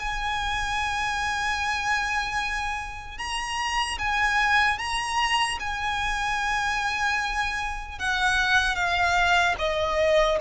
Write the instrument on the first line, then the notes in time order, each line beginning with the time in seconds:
violin
0.00 G#5
3.19 A#5
3.99 G#5
4.79 A#5
5.60 G#5
7.99 F#5
8.76 F5
9.59 D#5